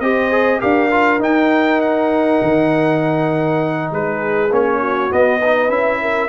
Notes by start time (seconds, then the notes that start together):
0.00 C4 G4 C5 D#5
0.31 G#4
0.59 D4 G4 A#4 F5
0.91 F4
1.19 D#4 G5
1.81 F#5
2.41 D#3
3.91 G#3 G#4 B4
4.50 A#3 C#4 C#5
4.79 F#4
5.10 B3 D#5
5.40 D#4 B4
5.69 C#4 E4 E5
6.01 A#4